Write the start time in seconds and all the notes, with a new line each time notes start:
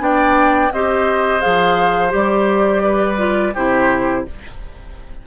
0.00 B3 D4 D5 G5
0.73 C4 G4 C5 D#5
1.41 F3 G#4 F5
2.10 G3 G4 D5
2.84 B4
3.18 F4
3.54 C3 E4 G4 C5